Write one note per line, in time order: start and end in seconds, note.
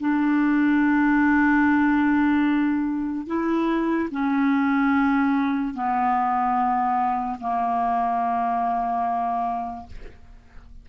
0.00 3.27 D4
3.27 4.09 E4
4.11 5.75 C#4
5.75 7.39 B3
7.40 9.87 A#3